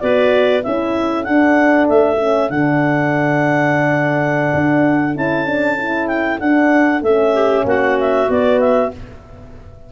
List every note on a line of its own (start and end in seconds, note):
0.00 0.65 B3
0.00 0.63 F#4
0.00 0.63 B4
0.00 0.62 D5
0.63 1.27 C#4
0.63 1.24 E4
0.63 7.33 A4
0.63 1.24 E5
1.24 2.18 D4
1.24 1.89 D4
1.24 1.86 F#5
1.89 2.50 A3
1.89 2.50 E5
2.20 2.50 C#4
2.50 4.54 D3
2.50 5.15 D4
2.50 5.15 F#5
4.54 5.16 D4
5.15 6.41 C#4
5.15 5.46 E4
5.15 6.08 A5
5.46 5.77 D4
5.79 6.41 E4
6.08 6.39 G5
6.39 7.02 D4
6.39 7.04 D4
6.39 7.02 F#5
7.02 7.64 A3
7.02 8.28 C#4
7.02 7.66 E5
7.33 7.64 G4
7.65 8.27 A#3
7.65 8.92 F#4
7.65 7.99 F#5
7.99 8.30 E5
8.28 8.91 B3
8.28 8.92 B3
8.28 8.60 D5
8.60 8.91 E5